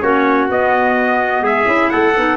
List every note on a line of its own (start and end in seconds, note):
0.00 0.48 A#3
0.00 0.48 C#4
0.00 1.43 F#4
0.00 0.47 C#5
0.48 1.41 B3
0.48 1.65 B3
0.48 1.45 D#5
1.41 1.64 G#3
1.41 1.90 G#4
1.41 1.90 E5
1.65 1.89 C#4
1.65 2.12 E4
1.90 2.16 A3
1.90 2.37 A4
1.90 2.37 F#5
2.16 2.37 B3
2.16 2.37 D#4